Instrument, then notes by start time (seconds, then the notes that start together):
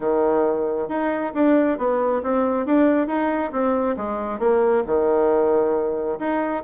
bassoon
0.00 D#3
0.88 D#4
1.34 D4
1.78 B3
2.22 C4
2.66 D4
3.07 D#4
3.52 C4
3.96 G#3
4.39 A#3
4.86 D#3
6.19 D#4